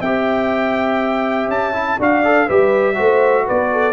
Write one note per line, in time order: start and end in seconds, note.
0.00 1.48 C4
0.00 1.73 G4
0.00 1.97 E5
0.00 1.49 G5
1.48 1.97 C#4
1.48 1.99 A5
1.73 1.98 E4
1.99 2.49 D4
1.99 2.24 F#4
1.99 2.47 D5
1.99 2.49 F5
2.24 2.49 A4
2.47 2.99 G3
2.47 2.95 G4
2.47 2.96 B4
2.47 3.48 E5
2.95 3.48 A3
2.95 3.93 F#4
2.95 3.45 C5
3.45 3.93 B3
3.45 3.70 B4
3.45 3.93 D5
3.72 3.93 A4